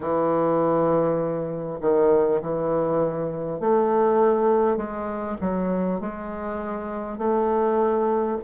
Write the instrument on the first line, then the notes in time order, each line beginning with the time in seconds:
bassoon
0.00 E3
1.81 D#3
2.41 E3
3.60 A3
4.76 G#3
5.41 F#3
6.00 G#3
7.18 A3